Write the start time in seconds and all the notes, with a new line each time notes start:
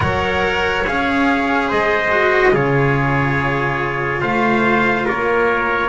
0.00 F#3 A#4 C#5 F#5
0.86 C#4 G#4 F5
1.67 G#3 C5 D#5
2.10 F#4
2.52 C#3 F4 G#4 C#5
4.20 A3 C5 F5
5.05 A#3 A#4 C#5